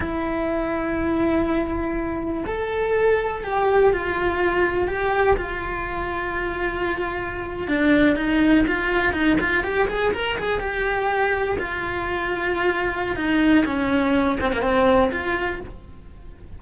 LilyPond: \new Staff \with { instrumentName = "cello" } { \time 4/4 \tempo 4 = 123 e'1~ | e'4 a'2 g'4 | f'2 g'4 f'4~ | f'2.~ f'8. d'16~ |
d'8. dis'4 f'4 dis'8 f'8 g'16~ | g'16 gis'8 ais'8 gis'8 g'2 f'16~ | f'2. dis'4 | cis'4. c'16 ais16 c'4 f'4 | }